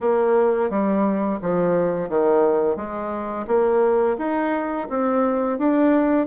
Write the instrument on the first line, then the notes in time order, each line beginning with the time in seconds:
bassoon
0.01 A#3
0.69 G3
1.41 F3
2.09 D#3
2.76 G#3
3.47 A#3
4.18 D#4
4.89 C4
5.58 D4